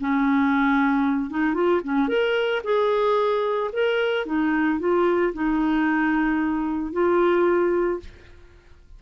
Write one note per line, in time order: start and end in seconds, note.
0.00 1.30 C#4
1.30 1.54 D#4
1.54 1.81 F4
1.84 2.08 C#4
2.08 2.62 A#4
2.63 3.71 G#4
3.72 4.26 A#4
4.26 4.79 D#4
4.79 5.33 F4
5.33 6.93 D#4
6.93 8.00 F4